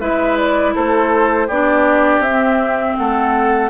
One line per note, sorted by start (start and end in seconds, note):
0.00 0.75 G#3
0.00 1.49 E4
0.00 0.75 B4
0.00 0.37 E5
0.37 0.74 D5
0.75 1.49 A3
0.75 1.48 A4
0.75 1.50 C5
1.48 2.20 B3
1.48 2.26 D4
1.48 2.96 G4
1.48 2.23 D5
2.20 2.94 C4
2.20 2.97 E5
2.27 3.70 C4
2.97 3.70 A3
2.97 3.70 A4
2.97 3.70 F#5